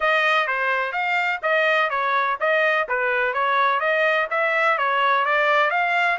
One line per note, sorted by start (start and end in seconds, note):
0.00 0.47 D#5
0.47 0.92 C5
0.92 1.39 F5
1.42 1.90 D#5
1.90 2.37 C#5
2.39 2.87 D#5
2.88 3.33 B4
3.33 3.80 C#5
3.80 4.27 D#5
4.30 4.77 E5
4.77 5.25 C#5
5.25 5.70 D5
5.70 6.18 F5